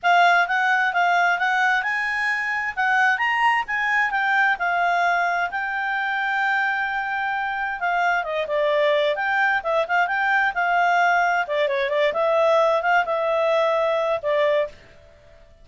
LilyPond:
\new Staff \with { instrumentName = "clarinet" } { \time 4/4 \tempo 4 = 131 f''4 fis''4 f''4 fis''4 | gis''2 fis''4 ais''4 | gis''4 g''4 f''2 | g''1~ |
g''4 f''4 dis''8 d''4. | g''4 e''8 f''8 g''4 f''4~ | f''4 d''8 cis''8 d''8 e''4. | f''8 e''2~ e''8 d''4 | }